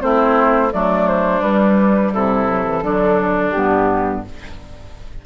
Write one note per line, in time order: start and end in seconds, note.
0.00 0.72 A3
0.00 0.71 C4
0.00 0.72 E4
0.00 0.71 C5
0.71 1.41 F#3
0.71 1.42 A3
0.71 2.13 D4
0.71 1.07 D5
1.07 1.41 C5
1.41 2.11 G3
1.41 2.47 G3
1.41 2.11 B4
2.13 2.82 C3
2.13 2.83 E4
2.13 3.50 A4
2.47 2.64 F#3
2.64 2.81 E3
2.82 3.53 D3
2.82 3.53 F#3
2.82 4.25 D4
3.50 4.24 G2
3.50 4.25 B3
3.50 4.20 G4